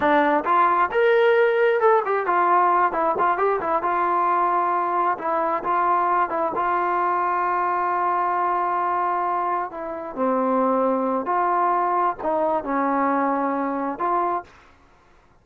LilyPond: \new Staff \with { instrumentName = "trombone" } { \time 4/4 \tempo 4 = 133 d'4 f'4 ais'2 | a'8 g'8 f'4. e'8 f'8 g'8 | e'8 f'2. e'8~ | e'8 f'4. e'8 f'4.~ |
f'1~ | f'4. e'4 c'4.~ | c'4 f'2 dis'4 | cis'2. f'4 | }